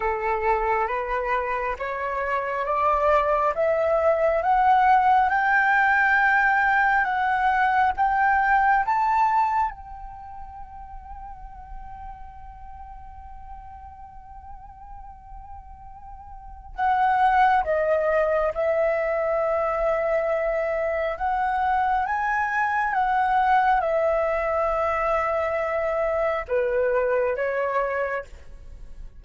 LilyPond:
\new Staff \with { instrumentName = "flute" } { \time 4/4 \tempo 4 = 68 a'4 b'4 cis''4 d''4 | e''4 fis''4 g''2 | fis''4 g''4 a''4 g''4~ | g''1~ |
g''2. fis''4 | dis''4 e''2. | fis''4 gis''4 fis''4 e''4~ | e''2 b'4 cis''4 | }